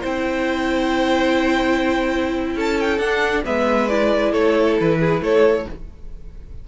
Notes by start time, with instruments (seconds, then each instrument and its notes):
0.00 cello C4, viola E4, violin C5 G5
2.56 cello C#4, violin A4 A5
2.80 violin G5
2.98 cello D4, viola D4, violin F#5
3.44 cello G#3, viola B3, violin B4 E5
3.88 viola E4, violin D5
4.32 cello A3, violin A4 C#5
4.80 cello E3, violin B4
4.99 violin G#4
5.21 cello A3, violin A4 C#5